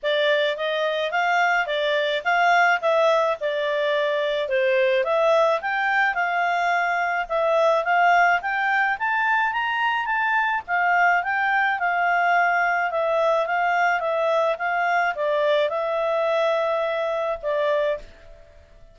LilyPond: \new Staff \with { instrumentName = "clarinet" } { \time 4/4 \tempo 4 = 107 d''4 dis''4 f''4 d''4 | f''4 e''4 d''2 | c''4 e''4 g''4 f''4~ | f''4 e''4 f''4 g''4 |
a''4 ais''4 a''4 f''4 | g''4 f''2 e''4 | f''4 e''4 f''4 d''4 | e''2. d''4 | }